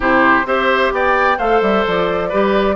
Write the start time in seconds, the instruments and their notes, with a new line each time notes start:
0.00 bassoon C3, clarinet E4, oboe G4, flute C5
0.45 bassoon C4, clarinet G4, oboe C5, flute E5
0.91 bassoon B3, oboe D5, flute G5
1.37 bassoon A3, clarinet A4, oboe C5, flute F5
1.61 bassoon G3, flute E5
1.86 bassoon F3, flute D5
2.28 bassoon G3, clarinet G4, oboe B4